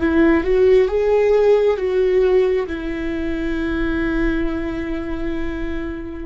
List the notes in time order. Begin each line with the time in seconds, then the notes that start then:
0.00 E4
0.44 F#4
0.88 G#4
1.77 F#4
2.67 E4